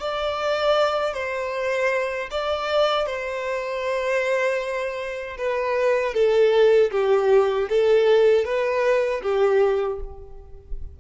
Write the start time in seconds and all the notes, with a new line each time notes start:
0.00 D5
1.14 C5
2.31 D5
3.07 C5
5.38 B4
6.14 A4
6.92 G4
7.70 A4
8.45 B4
9.23 G4